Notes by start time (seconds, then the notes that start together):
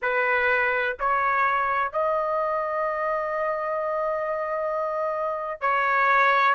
0.02 B4
0.99 C#5
1.92 D#5
5.60 C#5